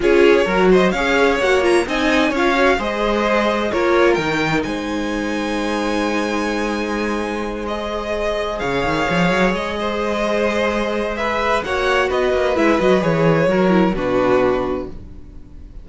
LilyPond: <<
  \new Staff \with { instrumentName = "violin" } { \time 4/4 \tempo 4 = 129 cis''4. dis''8 f''4 fis''8 ais''8 | gis''4 f''4 dis''2 | cis''4 g''4 gis''2~ | gis''1~ |
gis''8 dis''2 f''4.~ | f''8 dis''2.~ dis''8 | e''4 fis''4 dis''4 e''8 dis''8 | cis''2 b'2 | }
  \new Staff \with { instrumentName = "violin" } { \time 4/4 gis'4 ais'8 c''8 cis''2 | dis''4 cis''4 c''2 | ais'2 c''2~ | c''1~ |
c''2~ c''8 cis''4.~ | cis''4 c''2. | b'4 cis''4 b'2~ | b'4 ais'4 fis'2 | }
  \new Staff \with { instrumentName = "viola" } { \time 4/4 f'4 fis'4 gis'4 fis'8 f'8 | dis'4 f'8 fis'8 gis'2 | f'4 dis'2.~ | dis'1~ |
dis'8 gis'2.~ gis'8~ | gis'1~ | gis'4 fis'2 e'8 fis'8 | gis'4 fis'8 e'8 d'2 | }
  \new Staff \with { instrumentName = "cello" } { \time 4/4 cis'4 fis4 cis'4 ais4 | c'4 cis'4 gis2 | ais4 dis4 gis2~ | gis1~ |
gis2~ gis8 cis8 dis8 f8 | fis8 gis2.~ gis8~ | gis4 ais4 b8 ais8 gis8 fis8 | e4 fis4 b,2 | }
>>